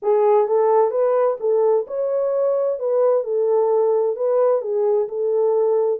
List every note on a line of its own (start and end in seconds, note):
0.02 0.47 G#4
0.47 0.90 A4
0.90 1.37 B4
1.40 1.86 A4
1.87 2.79 C#5
2.79 3.23 B4
3.23 4.15 A4
4.16 4.61 B4
4.61 5.07 G#4
5.08 5.99 A4